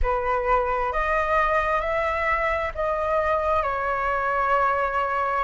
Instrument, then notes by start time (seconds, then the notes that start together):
flute
0.02 B4
0.92 D#5
1.81 E5
2.74 D#5
3.62 C#5